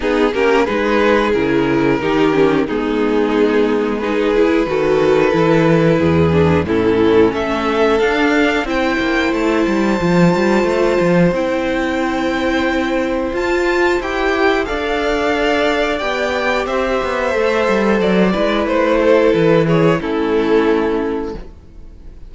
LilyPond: <<
  \new Staff \with { instrumentName = "violin" } { \time 4/4 \tempo 4 = 90 gis'8 ais'8 b'4 ais'2 | gis'2 b'2~ | b'2 a'4 e''4 | f''4 g''4 a''2~ |
a''4 g''2. | a''4 g''4 f''2 | g''4 e''2 d''4 | c''4 b'8 cis''8 a'2 | }
  \new Staff \with { instrumentName = "violin" } { \time 4/4 dis'8 g'8 gis'2 g'4 | dis'2 gis'4 a'4~ | a'4 gis'4 e'4 a'4~ | a'4 c''2.~ |
c''1~ | c''2 d''2~ | d''4 c''2~ c''8 b'8~ | b'8 a'4 gis'8 e'2 | }
  \new Staff \with { instrumentName = "viola" } { \time 4/4 b8 cis'8 dis'4 e'4 dis'8 cis'8 | b2 dis'8 e'8 fis'4 | e'4. d'8 cis'2 | d'4 e'2 f'4~ |
f'4 e'2. | f'4 g'4 a'2 | g'2 a'4. e'8~ | e'2 cis'2 | }
  \new Staff \with { instrumentName = "cello" } { \time 4/4 b8 ais8 gis4 cis4 dis4 | gis2. dis4 | e4 e,4 a,4 a4 | d'4 c'8 ais8 a8 g8 f8 g8 |
a8 f8 c'2. | f'4 e'4 d'2 | b4 c'8 b8 a8 g8 fis8 gis8 | a4 e4 a2 | }
>>